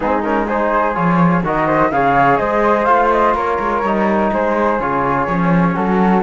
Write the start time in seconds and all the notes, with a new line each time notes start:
0.00 G#3 C4 D#4 G#4
0.22 C#4 A#4
0.47 D#4 G#4 C5
0.94 F3 F4 C#5
1.43 D#3 F#4 A#4 D#5
1.66 C5
1.91 C#3 G#4 C#5 F5
2.37 G#3 C5 D#5
2.85 A3 F4 F5
3.10 D#5
3.34 A#3 A#4 C#5
3.59 G#3
3.83 G3 D#4
4.32 G#3 G#4 C5
4.79 C#3 F4 C#5
5.28 F3 C#4
5.74 F#3 F#4 A4